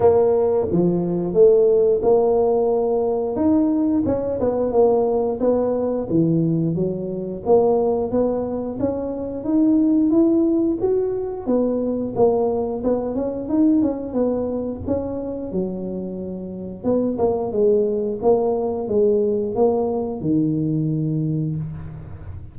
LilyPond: \new Staff \with { instrumentName = "tuba" } { \time 4/4 \tempo 4 = 89 ais4 f4 a4 ais4~ | ais4 dis'4 cis'8 b8 ais4 | b4 e4 fis4 ais4 | b4 cis'4 dis'4 e'4 |
fis'4 b4 ais4 b8 cis'8 | dis'8 cis'8 b4 cis'4 fis4~ | fis4 b8 ais8 gis4 ais4 | gis4 ais4 dis2 | }